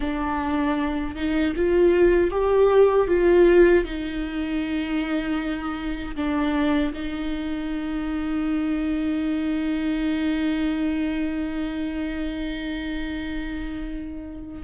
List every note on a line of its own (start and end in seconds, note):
0.00 1.15 D4
1.15 1.53 D#4
1.56 2.30 F4
2.30 3.07 G4
3.07 3.84 F4
3.85 6.15 D#4
6.16 6.93 D4
6.93 14.63 D#4